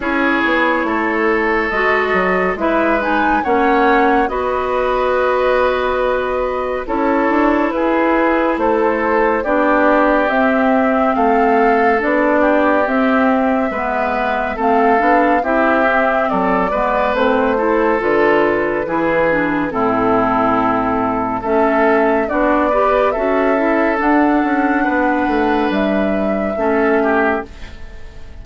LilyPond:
<<
  \new Staff \with { instrumentName = "flute" } { \time 4/4 \tempo 4 = 70 cis''2 dis''4 e''8 gis''8 | fis''4 dis''2. | cis''4 b'4 c''4 d''4 | e''4 f''4 d''4 e''4~ |
e''4 f''4 e''4 d''4 | c''4 b'2 a'4~ | a'4 e''4 d''4 e''4 | fis''2 e''2 | }
  \new Staff \with { instrumentName = "oboe" } { \time 4/4 gis'4 a'2 b'4 | cis''4 b'2. | a'4 gis'4 a'4 g'4~ | g'4 a'4. g'4. |
b'4 a'4 g'4 a'8 b'8~ | b'8 a'4. gis'4 e'4~ | e'4 a'4 fis'8 b'8 a'4~ | a'4 b'2 a'8 g'8 | }
  \new Staff \with { instrumentName = "clarinet" } { \time 4/4 e'2 fis'4 e'8 dis'8 | cis'4 fis'2. | e'2. d'4 | c'2 d'4 c'4 |
b4 c'8 d'8 e'8 c'4 b8 | c'8 e'8 f'4 e'8 d'8 c'4~ | c'4 cis'4 d'8 g'8 fis'8 e'8 | d'2. cis'4 | }
  \new Staff \with { instrumentName = "bassoon" } { \time 4/4 cis'8 b8 a4 gis8 fis8 gis4 | ais4 b2. | cis'8 d'8 e'4 a4 b4 | c'4 a4 b4 c'4 |
gis4 a8 b8 c'4 fis8 gis8 | a4 d4 e4 a,4~ | a,4 a4 b4 cis'4 | d'8 cis'8 b8 a8 g4 a4 | }
>>